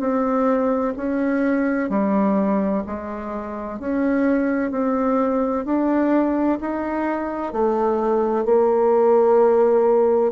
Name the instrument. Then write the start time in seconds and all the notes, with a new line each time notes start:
bassoon
0.00 C4
0.96 C#4
1.89 G3
2.86 G#3
3.79 C#4
4.71 C4
5.65 D4
6.61 D#4
7.53 A3
8.45 A#3